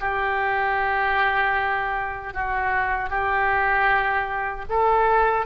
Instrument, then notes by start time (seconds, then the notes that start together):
oboe
0.00 G4
2.34 F#4
3.10 G4
4.69 A4